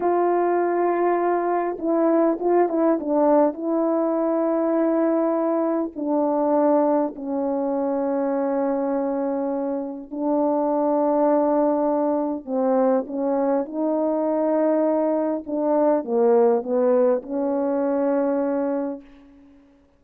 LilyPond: \new Staff \with { instrumentName = "horn" } { \time 4/4 \tempo 4 = 101 f'2. e'4 | f'8 e'8 d'4 e'2~ | e'2 d'2 | cis'1~ |
cis'4 d'2.~ | d'4 c'4 cis'4 dis'4~ | dis'2 d'4 ais4 | b4 cis'2. | }